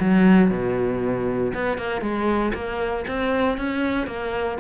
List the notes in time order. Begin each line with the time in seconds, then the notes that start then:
0.00 F#3
0.51 B2
1.54 B3
1.77 A#3
2.01 G#3
2.54 A#3
3.07 C4
3.57 C#4
4.07 A#3